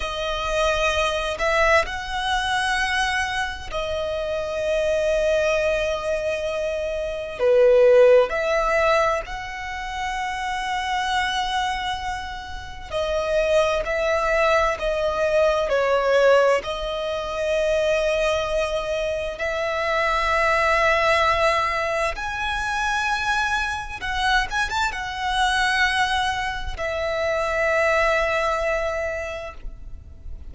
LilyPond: \new Staff \with { instrumentName = "violin" } { \time 4/4 \tempo 4 = 65 dis''4. e''8 fis''2 | dis''1 | b'4 e''4 fis''2~ | fis''2 dis''4 e''4 |
dis''4 cis''4 dis''2~ | dis''4 e''2. | gis''2 fis''8 gis''16 a''16 fis''4~ | fis''4 e''2. | }